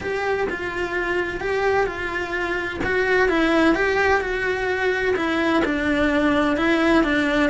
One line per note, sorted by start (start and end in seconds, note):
0.00 0.47 G4
0.49 1.40 F4
1.40 1.86 G4
1.86 2.80 F4
2.84 3.28 F#4
3.28 3.75 E4
3.75 4.21 G4
4.21 5.14 F#4
5.16 5.62 E4
5.64 6.56 D4
6.56 7.03 E4
7.03 7.50 D4